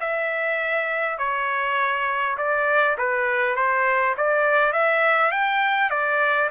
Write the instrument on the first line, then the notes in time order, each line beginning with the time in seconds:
trumpet
0.00 E5
1.18 C#5
2.37 D5
2.98 B4
3.56 C5
4.17 D5
4.73 E5
5.31 G5
5.90 D5